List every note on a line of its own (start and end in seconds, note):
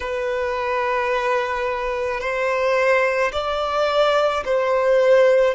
0.00 2.20 B4
2.20 3.31 C5
3.32 4.43 D5
4.45 5.54 C5